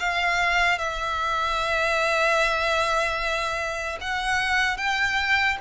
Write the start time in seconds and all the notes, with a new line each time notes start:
0.00 F5
0.79 E5
4.01 F#5
4.78 G5